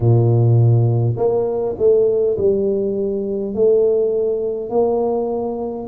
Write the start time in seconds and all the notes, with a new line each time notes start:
0.00 A#2
1.17 A#3
1.78 A3
2.37 G3
3.54 A3
4.70 A#3